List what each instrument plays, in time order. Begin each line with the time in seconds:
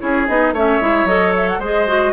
0.00 bassoon C#4, clarinet E4, oboe G#4, flute C#5
0.27 bassoon B3, clarinet D#4, flute D#5
0.53 bassoon A3, clarinet C#4, oboe C#5, flute E5
0.80 bassoon G#3, clarinet E4
1.05 bassoon F#3, clarinet A4, flute D#5
1.36 flute E5
1.48 flute F#5
1.59 bassoon G#3, clarinet G#4, oboe C5, flute D#5
1.87 clarinet F#4